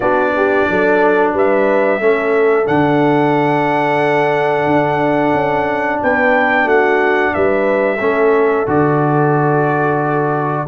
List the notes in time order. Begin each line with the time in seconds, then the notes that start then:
0.00 B3 D4 F#4 D5
0.36 G4
0.69 F#3 A4
1.33 G3 B4 E5
2.00 A3 C#4 A4
2.64 D3 D4 F#5
4.66 D4
5.33 C#4
6.01 B3 B4 G5
6.64 A3 F#4 F#5
7.34 G3 B4 E5
7.96 A3 C#4 A4
8.66 D3 F#4 D5